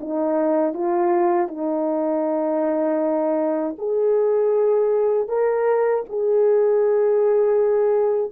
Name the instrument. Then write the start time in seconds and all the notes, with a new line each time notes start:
horn
0.00 D#4
0.74 F4
1.48 D#4
3.78 G#4
5.28 A#4
6.09 G#4